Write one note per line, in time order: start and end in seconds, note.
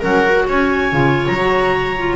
0.00 0.48 F#3
0.00 0.24 C#4
0.00 0.45 A#4
0.00 0.48 F#5
0.24 0.92 F#4
0.47 0.92 C#4
0.47 2.15 C#5
0.47 1.26 G#5
0.92 1.26 C#3
0.92 1.37 F4
1.26 2.15 F#3
1.26 2.15 A#5
1.39 1.96 F#4
1.97 2.15 F4